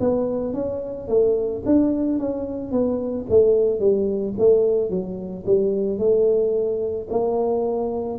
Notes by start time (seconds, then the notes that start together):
0.00 B3
0.54 C#4
1.08 A3
1.66 D4
2.19 C#4
2.71 B3
3.29 A3
3.79 G3
4.38 A3
4.90 F#3
5.45 G3
5.99 A3
7.10 A#3